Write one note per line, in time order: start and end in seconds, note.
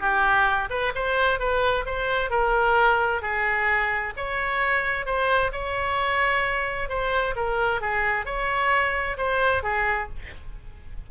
0.00 0.69 G4
0.70 0.93 B4
0.95 1.39 C5
1.39 1.85 B4
1.86 2.30 C5
2.30 3.22 A#4
3.22 4.13 G#4
4.16 5.05 C#5
5.05 5.51 C5
5.52 6.89 C#5
6.89 7.34 C5
7.36 7.81 A#4
7.81 8.25 G#4
8.25 9.17 C#5
9.17 9.63 C5
9.63 10.08 G#4